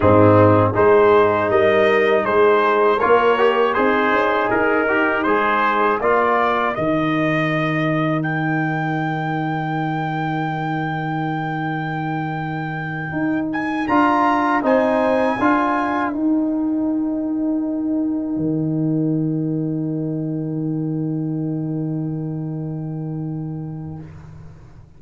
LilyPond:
<<
  \new Staff \with { instrumentName = "trumpet" } { \time 4/4 \tempo 4 = 80 gis'4 c''4 dis''4 c''4 | cis''4 c''4 ais'4 c''4 | d''4 dis''2 g''4~ | g''1~ |
g''2 gis''8 ais''4 gis''8~ | gis''4. g''2~ g''8~ | g''1~ | g''1 | }
  \new Staff \with { instrumentName = "horn" } { \time 4/4 dis'4 gis'4 ais'4 gis'4 | ais'4 dis'2. | ais'1~ | ais'1~ |
ais'2.~ ais'8 c''8~ | c''8 ais'2.~ ais'8~ | ais'1~ | ais'1 | }
  \new Staff \with { instrumentName = "trombone" } { \time 4/4 c'4 dis'2. | f'8 g'8 gis'4. g'8 gis'4 | f'4 dis'2.~ | dis'1~ |
dis'2~ dis'8 f'4 dis'8~ | dis'8 f'4 dis'2~ dis'8~ | dis'1~ | dis'1 | }
  \new Staff \with { instrumentName = "tuba" } { \time 4/4 gis,4 gis4 g4 gis4 | ais4 c'8 cis'8 dis'4 gis4 | ais4 dis2.~ | dis1~ |
dis4. dis'4 d'4 c'8~ | c'8 d'4 dis'2~ dis'8~ | dis'8 dis2.~ dis8~ | dis1 | }
>>